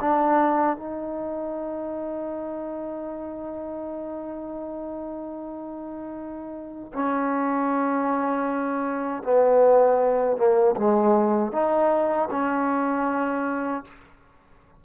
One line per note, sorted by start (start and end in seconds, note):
0.00 0.76 D4
0.76 6.92 D#4
6.93 9.23 C#4
9.23 10.36 B3
10.36 10.75 A#3
10.76 11.51 G#3
11.51 12.28 D#4
12.30 13.84 C#4